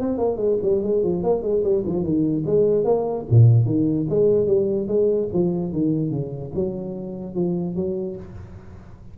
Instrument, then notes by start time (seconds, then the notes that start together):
tuba
0.00 C4
0.18 A#3
0.37 G#3
0.63 G3
0.83 G#3
1.03 F3
1.23 A#3
1.42 G#3
1.64 G3
1.86 F3
2.03 D#3
2.46 G#3
2.84 A#3
3.30 A#2
3.65 D#3
4.09 G#3
4.47 G3
4.88 G#3
5.33 F3
5.72 D#3
6.10 C#3
6.55 F#3
7.35 F3
7.76 F#3